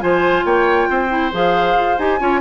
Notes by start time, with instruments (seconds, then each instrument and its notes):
0.00 bassoon F3, clarinet F4, oboe C5, flute G#5
0.45 bassoon A#3, oboe C#5, flute G5
0.90 bassoon C4, oboe C5
1.09 clarinet E4
1.32 bassoon F3, clarinet G#4, flute F5
1.75 bassoon F4
1.98 bassoon D#4, clarinet G4, flute G#5
2.20 bassoon C#4, clarinet F4, oboe C#5